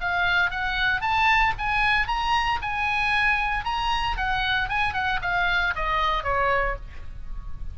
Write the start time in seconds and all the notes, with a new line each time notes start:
0.00 F5
0.50 F#5
1.01 A5
1.58 G#5
2.07 A#5
2.62 G#5
3.64 A#5
4.17 F#5
4.68 G#5
4.93 F#5
5.22 F5
5.75 D#5
6.23 C#5